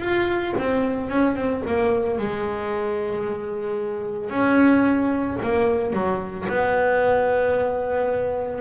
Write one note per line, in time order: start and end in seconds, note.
0.00 0.54 F4
0.58 1.09 C4
1.09 1.35 C#4
1.35 1.62 C4
1.67 2.18 A#3
2.18 4.30 G#3
4.30 5.37 C#4
5.42 5.93 A#3
5.93 6.46 F#3
6.48 8.61 B3